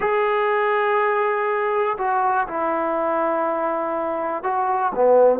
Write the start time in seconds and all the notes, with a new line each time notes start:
0.00 G#4
1.98 F#4
2.47 E4
4.43 F#4
4.94 B3